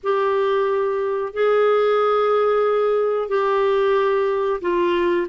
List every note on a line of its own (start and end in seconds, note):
0.03 1.33 G4
1.33 3.28 G#4
3.28 4.60 G4
4.61 5.27 F4